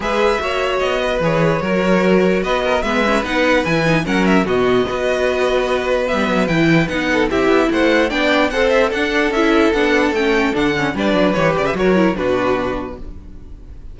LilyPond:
<<
  \new Staff \with { instrumentName = "violin" } { \time 4/4 \tempo 4 = 148 e''2 dis''4 cis''4~ | cis''2 dis''4 e''4 | fis''4 gis''4 fis''8 e''8 dis''4~ | dis''2. e''4 |
g''4 fis''4 e''4 fis''4 | g''4 fis''8 e''8 fis''4 e''4 | fis''4 g''4 fis''4 d''4 | cis''8 d''16 e''16 cis''4 b'2 | }
  \new Staff \with { instrumentName = "violin" } { \time 4/4 b'4 cis''4. b'4. | ais'2 b'8 ais'8 b'4~ | b'2 ais'4 fis'4 | b'1~ |
b'4. a'8 g'4 c''4 | d''4 c''4 a'2~ | a'2. b'4~ | b'4 ais'4 fis'2 | }
  \new Staff \with { instrumentName = "viola" } { \time 4/4 gis'4 fis'2 gis'4 | fis'2. b8 cis'8 | dis'4 e'8 dis'8 cis'4 b4 | fis'2. b4 |
e'4 dis'4 e'2 | d'4 a'4 d'4 e'4 | d'4 cis'4 d'8 cis'8 d'4 | g'4 fis'8 e'8 d'2 | }
  \new Staff \with { instrumentName = "cello" } { \time 4/4 gis4 ais4 b4 e4 | fis2 b4 gis4 | b4 e4 fis4 b,4 | b2. g8 fis8 |
e4 b4 c'8 b8 a4 | b4 c'4 d'4 cis'4 | b4 a4 d4 g8 fis8 | e8 cis8 fis4 b,2 | }
>>